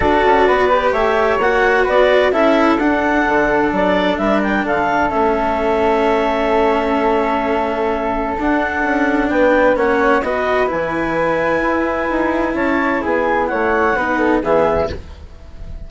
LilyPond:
<<
  \new Staff \with { instrumentName = "clarinet" } { \time 4/4 \tempo 4 = 129 d''2 e''4 fis''4 | d''4 e''4 fis''2 | d''4 e''8 g''8 f''4 e''4~ | e''1~ |
e''2 fis''2 | g''4 fis''4 dis''4 gis''4~ | gis''2. a''4 | gis''4 fis''2 e''4 | }
  \new Staff \with { instrumentName = "flute" } { \time 4/4 a'4 b'4 cis''2 | b'4 a'2.~ | a'4 ais'4 a'2~ | a'1~ |
a'1 | b'4 cis''4 b'2~ | b'2. cis''4 | gis'4 cis''4 b'8 a'8 gis'4 | }
  \new Staff \with { instrumentName = "cello" } { \time 4/4 fis'4. g'4. fis'4~ | fis'4 e'4 d'2~ | d'2. cis'4~ | cis'1~ |
cis'2 d'2~ | d'4 cis'4 fis'4 e'4~ | e'1~ | e'2 dis'4 b4 | }
  \new Staff \with { instrumentName = "bassoon" } { \time 4/4 d'8 cis'8 b4 a4 ais4 | b4 cis'4 d'4 d4 | fis4 g4 d4 a4~ | a1~ |
a2 d'4 cis'4 | b4 ais4 b4 e4~ | e4 e'4 dis'4 cis'4 | b4 a4 b4 e4 | }
>>